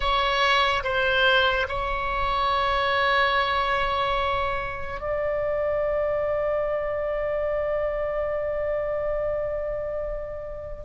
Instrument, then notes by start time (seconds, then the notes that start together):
oboe
0.00 C#5
0.83 C5
1.68 C#5
5.00 D5